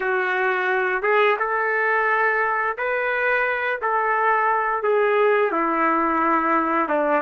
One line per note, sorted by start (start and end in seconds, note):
0.00 1.02 F#4
1.02 1.36 G#4
1.39 2.77 A4
2.77 3.81 B4
3.81 4.82 A4
4.82 5.51 G#4
5.51 6.88 E4
6.88 7.22 D4